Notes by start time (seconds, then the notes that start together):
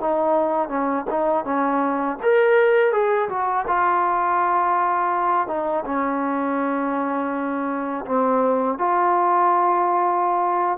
0.00 D#4
0.68 C#4
1.10 D#4
1.44 C#4
2.22 A#4
2.92 G#4
3.29 F#4
3.67 F4
5.47 D#4
5.85 C#4
8.05 C4
8.78 F4